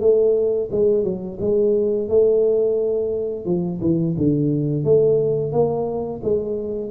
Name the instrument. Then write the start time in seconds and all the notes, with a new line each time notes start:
tuba
0.00 A3
0.71 G#3
1.03 F#3
1.40 G#3
2.08 A3
3.45 F3
3.81 E3
4.17 D3
4.84 A3
5.52 A#3
6.23 G#3